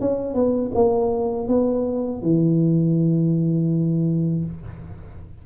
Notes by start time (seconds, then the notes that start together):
0.00 C#4
0.34 B3
0.74 A#3
1.47 B3
2.22 E3